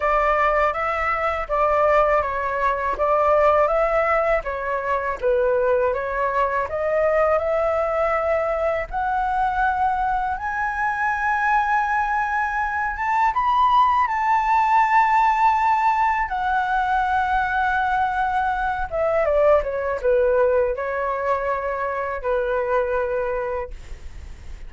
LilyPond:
\new Staff \with { instrumentName = "flute" } { \time 4/4 \tempo 4 = 81 d''4 e''4 d''4 cis''4 | d''4 e''4 cis''4 b'4 | cis''4 dis''4 e''2 | fis''2 gis''2~ |
gis''4. a''8 b''4 a''4~ | a''2 fis''2~ | fis''4. e''8 d''8 cis''8 b'4 | cis''2 b'2 | }